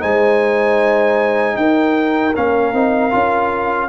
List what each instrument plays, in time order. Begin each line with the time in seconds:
0.00 tuba G#3, trombone D#4, horn C5, trumpet G#5
1.56 tuba D#4, horn A#4, trumpet G5
2.36 tuba A#3, trombone C#4, trumpet F5
2.74 tuba C4, trombone D#4
3.11 tuba C#4, trombone F4